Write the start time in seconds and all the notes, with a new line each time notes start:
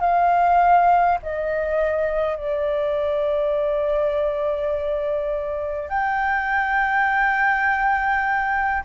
0.00 F5
1.22 D#5
2.36 D5
5.89 G5